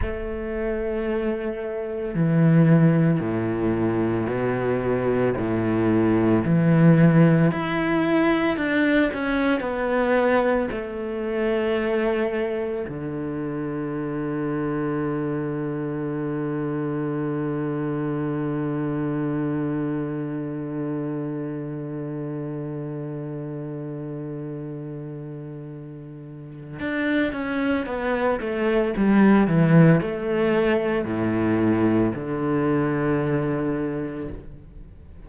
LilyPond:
\new Staff \with { instrumentName = "cello" } { \time 4/4 \tempo 4 = 56 a2 e4 a,4 | b,4 a,4 e4 e'4 | d'8 cis'8 b4 a2 | d1~ |
d1~ | d1~ | d4 d'8 cis'8 b8 a8 g8 e8 | a4 a,4 d2 | }